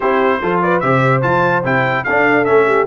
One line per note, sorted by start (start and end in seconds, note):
0.00 0.41 C4
0.00 0.42 E4
0.00 0.40 G4
0.00 0.60 C5
0.41 0.83 F3
0.41 0.82 F4
0.41 0.62 A4
0.62 0.82 B4
0.62 0.80 D5
0.80 1.23 C3
0.80 1.22 G4
0.80 2.05 C5
0.80 1.21 E5
1.22 1.64 F3
1.22 1.63 F4
1.22 1.63 A5
1.64 2.05 C3
1.64 2.05 E4
1.64 2.03 G5
2.03 2.49 D4
2.03 2.45 D4
2.03 2.66 A4
2.03 2.44 F5
2.44 2.86 A3
2.44 2.86 C#4
2.44 2.85 E5
2.66 2.86 G4